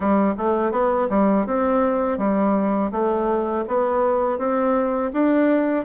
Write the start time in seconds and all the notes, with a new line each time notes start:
0.00 G3
0.37 A3
0.71 B3
1.09 G3
1.46 C4
2.18 G3
2.91 A3
3.68 B3
4.38 C4
5.13 D4